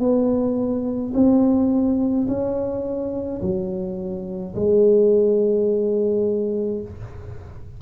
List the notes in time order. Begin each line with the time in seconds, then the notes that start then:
0.00 B3
1.14 C4
2.28 C#4
3.42 F#3
4.55 G#3